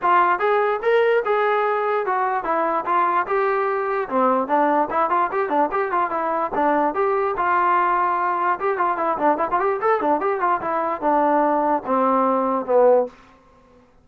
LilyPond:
\new Staff \with { instrumentName = "trombone" } { \time 4/4 \tempo 4 = 147 f'4 gis'4 ais'4 gis'4~ | gis'4 fis'4 e'4 f'4 | g'2 c'4 d'4 | e'8 f'8 g'8 d'8 g'8 f'8 e'4 |
d'4 g'4 f'2~ | f'4 g'8 f'8 e'8 d'8 e'16 f'16 g'8 | a'8 d'8 g'8 f'8 e'4 d'4~ | d'4 c'2 b4 | }